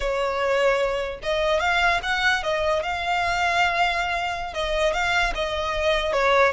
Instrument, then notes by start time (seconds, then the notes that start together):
violin
0.00 C#5
1.22 D#5
1.60 F5
2.02 F#5
2.43 D#5
2.82 F5
4.53 D#5
4.93 F5
5.34 D#5
6.12 C#5